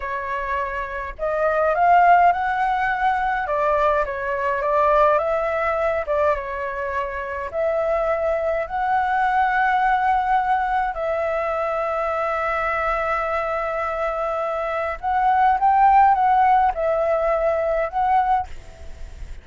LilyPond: \new Staff \with { instrumentName = "flute" } { \time 4/4 \tempo 4 = 104 cis''2 dis''4 f''4 | fis''2 d''4 cis''4 | d''4 e''4. d''8 cis''4~ | cis''4 e''2 fis''4~ |
fis''2. e''4~ | e''1~ | e''2 fis''4 g''4 | fis''4 e''2 fis''4 | }